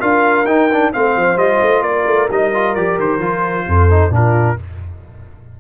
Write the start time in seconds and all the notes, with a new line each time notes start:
0.00 D4 F4 A#4 F5
0.44 D#4 G5
0.72 D4
0.93 A3 C4 C5 F5
1.16 F3
1.37 G3 F4 D#5
1.61 A3
1.82 A#3 A#4 D5
2.06 A3
2.30 G3 D#4 D#5
2.54 F4
2.75 F3 G4 D5
2.99 D#3 C5
3.19 F3 F4
3.67 F2 A4
3.90 D#4
4.10 A#2 D4 F4 A#4